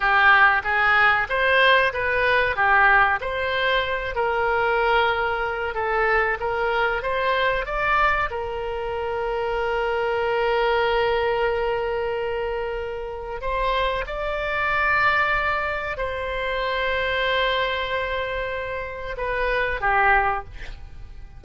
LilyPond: \new Staff \with { instrumentName = "oboe" } { \time 4/4 \tempo 4 = 94 g'4 gis'4 c''4 b'4 | g'4 c''4. ais'4.~ | ais'4 a'4 ais'4 c''4 | d''4 ais'2.~ |
ais'1~ | ais'4 c''4 d''2~ | d''4 c''2.~ | c''2 b'4 g'4 | }